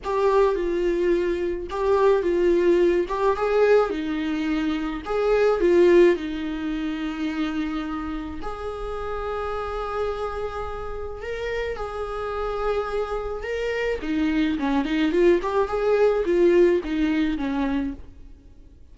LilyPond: \new Staff \with { instrumentName = "viola" } { \time 4/4 \tempo 4 = 107 g'4 f'2 g'4 | f'4. g'8 gis'4 dis'4~ | dis'4 gis'4 f'4 dis'4~ | dis'2. gis'4~ |
gis'1 | ais'4 gis'2. | ais'4 dis'4 cis'8 dis'8 f'8 g'8 | gis'4 f'4 dis'4 cis'4 | }